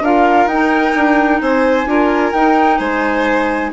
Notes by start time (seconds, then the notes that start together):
0.00 D4 F4 A#4 F5
0.46 D#4 G5
0.52 D#4
0.95 D4
1.41 C4 C5 G#5
1.86 D4 F4 A#4
2.33 D#4 G5
2.78 G#3 C5 G#5